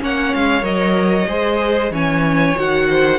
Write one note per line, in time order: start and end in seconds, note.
0.00 0.34 A#3
0.00 0.62 C#4
0.00 1.28 C#5
0.00 0.35 F#5
0.35 0.63 G#3
0.35 0.64 F5
0.62 1.27 F#3
0.62 1.26 A#4
0.62 1.92 D#5
1.28 1.91 G#3
1.28 1.92 G#4
1.28 1.92 C5
1.91 2.55 E3
1.91 2.56 C#4
1.91 2.88 C#5
1.91 2.59 G#5
2.56 3.19 D#3
2.56 3.19 F#4
2.56 3.19 F#5
2.90 3.19 C5